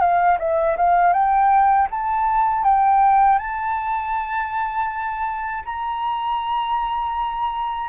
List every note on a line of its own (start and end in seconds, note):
0.00 0.38 F5
0.39 0.76 E5
0.77 1.13 F5
1.13 1.88 G5
1.91 2.64 A5
2.64 3.39 G5
3.39 5.64 A5
5.65 7.89 A#5